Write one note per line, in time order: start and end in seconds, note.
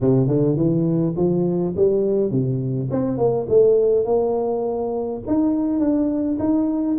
0.00 0.27 C3
0.27 0.56 D3
0.56 1.14 E3
1.16 1.74 F3
1.76 2.30 G3
2.30 2.89 C3
2.90 3.17 C4
3.17 3.46 A#3
3.48 4.05 A3
4.05 5.21 A#3
5.27 5.79 D#4
5.79 6.37 D4
6.39 6.97 D#4